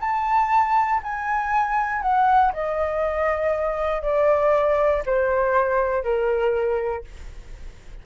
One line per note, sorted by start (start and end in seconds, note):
0.00 1.01 A5
1.03 2.02 G#5
2.02 2.52 F#5
2.53 4.02 D#5
4.02 5.03 D5
5.05 6.03 C5
6.03 7.04 A#4